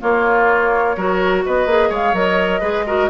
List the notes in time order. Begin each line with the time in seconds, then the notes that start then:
0.00 A#3 F4 C#5
0.96 F#3 F#4 A#4
1.45 B3 B4 D#5
1.65 A#3 G#4
1.89 G#3 C#5 F5
2.12 F#3 A#4 D#5
2.60 G#3 G#4 B4
2.86 F#4 A#4